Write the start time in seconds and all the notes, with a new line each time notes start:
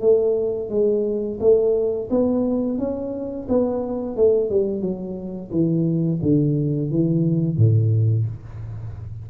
0.00 A3
0.69 G#3
1.40 A3
2.10 B3
2.78 C#4
3.48 B3
4.16 A3
4.49 G3
4.81 F#3
5.50 E3
6.22 D3
6.90 E3
7.56 A2